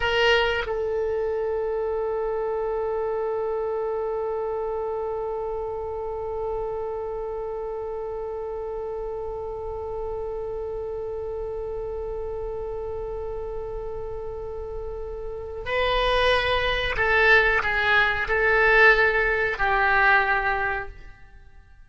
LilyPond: \new Staff \with { instrumentName = "oboe" } { \time 4/4 \tempo 4 = 92 ais'4 a'2.~ | a'1~ | a'1~ | a'1~ |
a'1~ | a'1 | b'2 a'4 gis'4 | a'2 g'2 | }